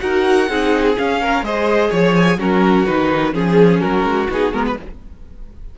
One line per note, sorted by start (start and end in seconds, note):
0.00 0.48 D#4
0.00 0.47 F#4
0.00 0.49 A#4
0.00 0.95 F#5
0.47 0.96 C4
0.47 0.95 D#4
0.47 1.21 G#4
0.98 1.44 C#4
0.98 1.42 C#4
0.98 1.45 F5
1.21 1.44 A#4
1.42 1.89 G#3
1.42 2.38 G#4
1.42 1.90 C5
1.42 1.92 D#5
1.90 2.37 F3
1.90 2.38 C#5
1.90 2.15 C#5
2.15 2.39 G#5
2.37 2.85 F#3
2.37 2.86 C#4
2.37 3.33 F#4
2.37 2.86 A#4
2.86 3.34 D#3
2.86 3.32 D#4
2.86 3.33 B4
3.32 3.81 F3
3.32 4.27 C#4
3.32 3.80 G#4
3.80 4.04 F#3
3.80 4.75 F#4
3.80 4.28 A#4
4.04 4.28 G#3
4.30 4.52 B3
4.30 4.53 D#4
4.30 4.53 G#4
4.52 4.76 G#3
4.52 4.77 B3
4.52 4.65 A#4
4.66 4.78 B4